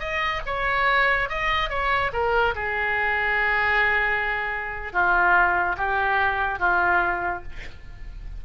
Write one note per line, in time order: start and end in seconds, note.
0.00 0.42 D#5
0.46 1.30 C#5
1.30 1.70 D#5
1.70 2.12 C#5
2.13 2.55 A#4
2.56 4.93 G#4
4.93 5.76 F4
5.78 6.60 G4
6.60 7.43 F4